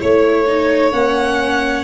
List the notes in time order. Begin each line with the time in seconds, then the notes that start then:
0.00 A3 E4 C#5
0.47 D#4
0.92 A#3 C#4 F#5